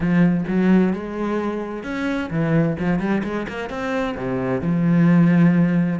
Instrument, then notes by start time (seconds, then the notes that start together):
cello
0.00 F3
0.47 F#3
0.93 G#3
1.83 C#4
2.30 E3
2.79 F3
2.99 G3
3.23 G#3
3.48 A#3
3.69 C4
4.17 C3
4.61 F3